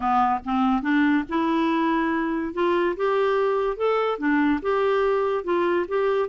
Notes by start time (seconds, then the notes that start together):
0.00 B3
0.44 C4
0.82 D4
1.28 E4
2.53 F4
2.96 G4
3.76 A4
4.18 D4
4.62 G4
5.44 F4
5.88 G4